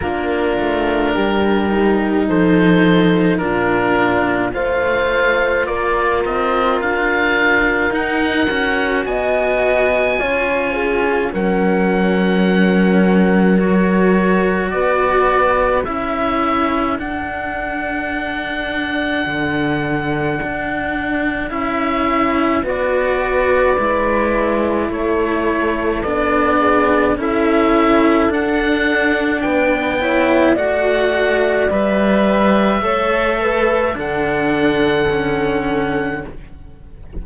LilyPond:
<<
  \new Staff \with { instrumentName = "oboe" } { \time 4/4 \tempo 4 = 53 ais'2 c''4 ais'4 | f''4 d''8 dis''8 f''4 fis''4 | gis''2 fis''2 | cis''4 d''4 e''4 fis''4~ |
fis''2. e''4 | d''2 cis''4 d''4 | e''4 fis''4 g''4 fis''4 | e''2 fis''2 | }
  \new Staff \with { instrumentName = "horn" } { \time 4/4 f'4 g'4 a'4 f'4 | c''4 ais'2. | dis''4 cis''8 gis'8 ais'2~ | ais'4 b'4 a'2~ |
a'1 | b'2 a'4. gis'8 | a'2 b'8 cis''8 d''4~ | d''4 cis''8 b'8 a'2 | }
  \new Staff \with { instrumentName = "cello" } { \time 4/4 d'4. dis'4. d'4 | f'2. dis'8 fis'8~ | fis'4 f'4 cis'2 | fis'2 e'4 d'4~ |
d'2. e'4 | fis'4 e'2 d'4 | e'4 d'4. e'8 fis'4 | b'4 a'4 d'4 cis'4 | }
  \new Staff \with { instrumentName = "cello" } { \time 4/4 ais8 a8 g4 f4 ais,4 | a4 ais8 c'8 d'4 dis'8 cis'8 | b4 cis'4 fis2~ | fis4 b4 cis'4 d'4~ |
d'4 d4 d'4 cis'4 | b4 gis4 a4 b4 | cis'4 d'4 b4 a4 | g4 a4 d2 | }
>>